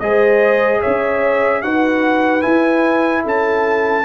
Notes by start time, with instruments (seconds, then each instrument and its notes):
0.00 tuba G#3, trombone G#4, horn C5, trumpet D#5
0.81 tuba C#4, horn C#5, trumpet E5
1.62 tuba D#4, trombone F#4, horn B4, trumpet F#5
2.42 trombone E4, tuba E4, trumpet G#5
3.24 tuba C#4, horn A4, trumpet A5